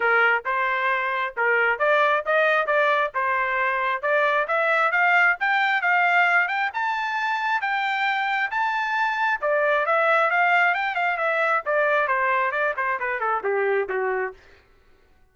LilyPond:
\new Staff \with { instrumentName = "trumpet" } { \time 4/4 \tempo 4 = 134 ais'4 c''2 ais'4 | d''4 dis''4 d''4 c''4~ | c''4 d''4 e''4 f''4 | g''4 f''4. g''8 a''4~ |
a''4 g''2 a''4~ | a''4 d''4 e''4 f''4 | g''8 f''8 e''4 d''4 c''4 | d''8 c''8 b'8 a'8 g'4 fis'4 | }